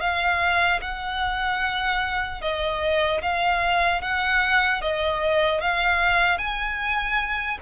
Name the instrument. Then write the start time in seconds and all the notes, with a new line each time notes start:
violin
0.00 F5
0.81 F#5
2.41 D#5
3.22 F5
4.01 F#5
4.81 D#5
5.61 F5
6.38 G#5